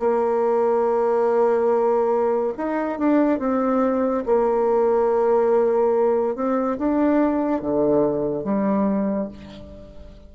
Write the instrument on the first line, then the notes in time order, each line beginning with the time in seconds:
bassoon
0.00 A#3
2.58 D#4
2.99 D4
3.40 C4
4.26 A#3
6.36 C4
6.78 D4
7.62 D3
8.44 G3